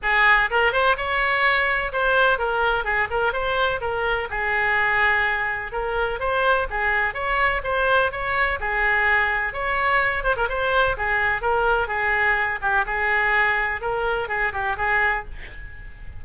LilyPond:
\new Staff \with { instrumentName = "oboe" } { \time 4/4 \tempo 4 = 126 gis'4 ais'8 c''8 cis''2 | c''4 ais'4 gis'8 ais'8 c''4 | ais'4 gis'2. | ais'4 c''4 gis'4 cis''4 |
c''4 cis''4 gis'2 | cis''4. c''16 ais'16 c''4 gis'4 | ais'4 gis'4. g'8 gis'4~ | gis'4 ais'4 gis'8 g'8 gis'4 | }